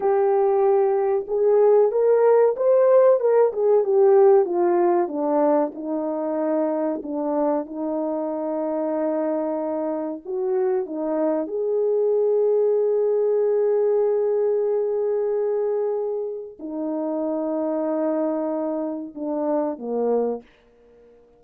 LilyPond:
\new Staff \with { instrumentName = "horn" } { \time 4/4 \tempo 4 = 94 g'2 gis'4 ais'4 | c''4 ais'8 gis'8 g'4 f'4 | d'4 dis'2 d'4 | dis'1 |
fis'4 dis'4 gis'2~ | gis'1~ | gis'2 dis'2~ | dis'2 d'4 ais4 | }